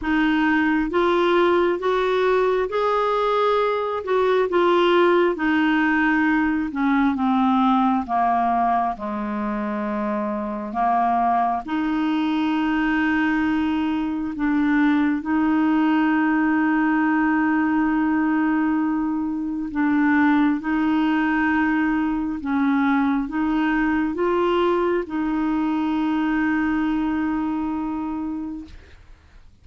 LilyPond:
\new Staff \with { instrumentName = "clarinet" } { \time 4/4 \tempo 4 = 67 dis'4 f'4 fis'4 gis'4~ | gis'8 fis'8 f'4 dis'4. cis'8 | c'4 ais4 gis2 | ais4 dis'2. |
d'4 dis'2.~ | dis'2 d'4 dis'4~ | dis'4 cis'4 dis'4 f'4 | dis'1 | }